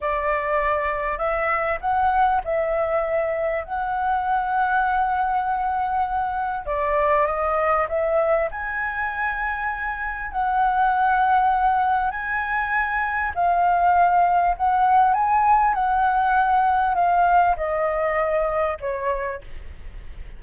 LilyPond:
\new Staff \with { instrumentName = "flute" } { \time 4/4 \tempo 4 = 99 d''2 e''4 fis''4 | e''2 fis''2~ | fis''2. d''4 | dis''4 e''4 gis''2~ |
gis''4 fis''2. | gis''2 f''2 | fis''4 gis''4 fis''2 | f''4 dis''2 cis''4 | }